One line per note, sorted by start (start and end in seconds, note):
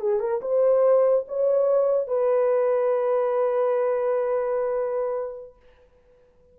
0.00 0.19 G#4
0.19 0.41 A#4
0.41 1.25 C5
1.28 2.07 C#5
2.07 5.56 B4